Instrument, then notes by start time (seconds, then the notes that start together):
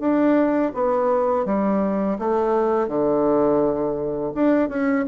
bassoon
0.00 D4
0.75 B3
1.46 G3
2.19 A3
2.88 D3
4.35 D4
4.69 C#4